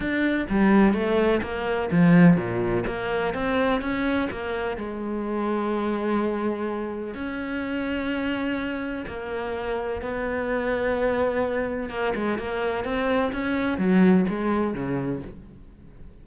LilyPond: \new Staff \with { instrumentName = "cello" } { \time 4/4 \tempo 4 = 126 d'4 g4 a4 ais4 | f4 ais,4 ais4 c'4 | cis'4 ais4 gis2~ | gis2. cis'4~ |
cis'2. ais4~ | ais4 b2.~ | b4 ais8 gis8 ais4 c'4 | cis'4 fis4 gis4 cis4 | }